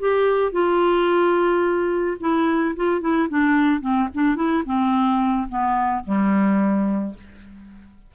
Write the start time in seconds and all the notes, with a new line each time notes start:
0.00 G4
0.53 F4
2.20 E4
2.76 F4
3.01 E4
3.30 D4
3.81 C4
4.15 D4
4.36 E4
4.66 C4
5.49 B3
6.05 G3